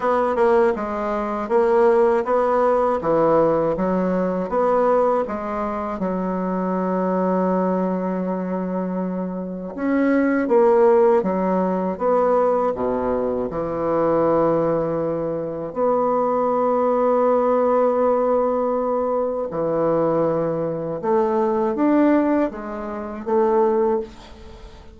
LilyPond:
\new Staff \with { instrumentName = "bassoon" } { \time 4/4 \tempo 4 = 80 b8 ais8 gis4 ais4 b4 | e4 fis4 b4 gis4 | fis1~ | fis4 cis'4 ais4 fis4 |
b4 b,4 e2~ | e4 b2.~ | b2 e2 | a4 d'4 gis4 a4 | }